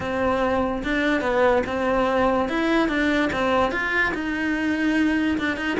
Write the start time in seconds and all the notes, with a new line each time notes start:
0.00 C4
0.83 D4
1.21 B3
1.66 C4
2.48 E4
2.88 D4
3.32 C4
3.71 F4
4.14 D#4
5.38 D4
5.57 D#4